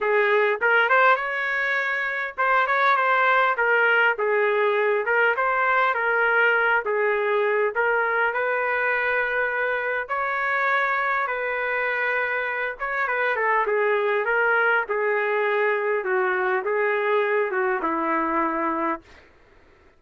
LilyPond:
\new Staff \with { instrumentName = "trumpet" } { \time 4/4 \tempo 4 = 101 gis'4 ais'8 c''8 cis''2 | c''8 cis''8 c''4 ais'4 gis'4~ | gis'8 ais'8 c''4 ais'4. gis'8~ | gis'4 ais'4 b'2~ |
b'4 cis''2 b'4~ | b'4. cis''8 b'8 a'8 gis'4 | ais'4 gis'2 fis'4 | gis'4. fis'8 e'2 | }